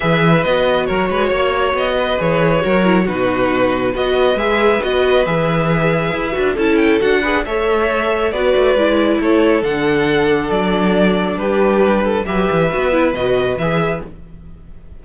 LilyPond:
<<
  \new Staff \with { instrumentName = "violin" } { \time 4/4 \tempo 4 = 137 e''4 dis''4 cis''2 | dis''4 cis''2 b'4~ | b'4 dis''4 e''4 dis''4 | e''2. a''8 g''8 |
fis''4 e''2 d''4~ | d''4 cis''4 fis''2 | d''2 b'2 | e''2 dis''4 e''4 | }
  \new Staff \with { instrumentName = "violin" } { \time 4/4 b'2 ais'8 b'8 cis''4~ | cis''8 b'4. ais'4 fis'4~ | fis'4 b'2.~ | b'2. a'4~ |
a'8 b'8 cis''2 b'4~ | b'4 a'2.~ | a'2 g'4. a'8 | b'1 | }
  \new Staff \with { instrumentName = "viola" } { \time 4/4 gis'4 fis'2.~ | fis'4 gis'4 fis'8 e'8 dis'4~ | dis'4 fis'4 gis'4 fis'4 | gis'2~ gis'8 fis'8 e'4 |
fis'8 gis'8 a'2 fis'4 | e'2 d'2~ | d'1 | g'4 fis'8 e'8 fis'4 gis'4 | }
  \new Staff \with { instrumentName = "cello" } { \time 4/4 e4 b4 fis8 gis8 ais4 | b4 e4 fis4 b,4~ | b,4 b4 gis4 b4 | e2 e'8 d'8 cis'4 |
d'4 a2 b8 a8 | gis4 a4 d2 | fis2 g2 | fis8 e8 b4 b,4 e4 | }
>>